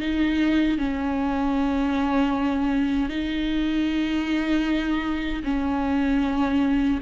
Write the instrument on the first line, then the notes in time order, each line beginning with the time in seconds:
viola
0.00 D#4
0.78 C#4
3.09 D#4
5.44 C#4